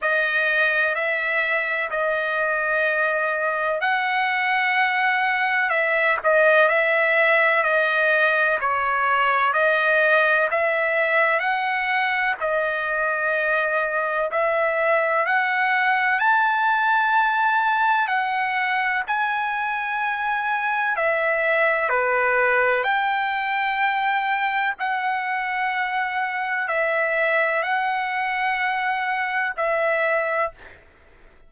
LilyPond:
\new Staff \with { instrumentName = "trumpet" } { \time 4/4 \tempo 4 = 63 dis''4 e''4 dis''2 | fis''2 e''8 dis''8 e''4 | dis''4 cis''4 dis''4 e''4 | fis''4 dis''2 e''4 |
fis''4 a''2 fis''4 | gis''2 e''4 b'4 | g''2 fis''2 | e''4 fis''2 e''4 | }